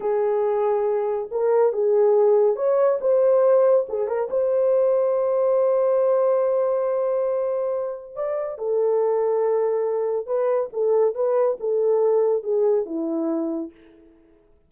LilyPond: \new Staff \with { instrumentName = "horn" } { \time 4/4 \tempo 4 = 140 gis'2. ais'4 | gis'2 cis''4 c''4~ | c''4 gis'8 ais'8 c''2~ | c''1~ |
c''2. d''4 | a'1 | b'4 a'4 b'4 a'4~ | a'4 gis'4 e'2 | }